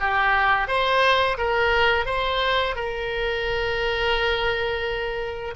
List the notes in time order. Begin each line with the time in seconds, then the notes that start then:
0.00 G4
0.68 C5
1.38 A#4
2.06 C5
2.76 A#4